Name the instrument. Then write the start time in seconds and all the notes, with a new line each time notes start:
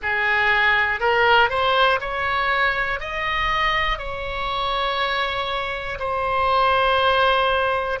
oboe
0.02 G#4
1.00 A#4
1.49 C5
2.00 C#5
3.00 D#5
3.98 C#5
5.99 C5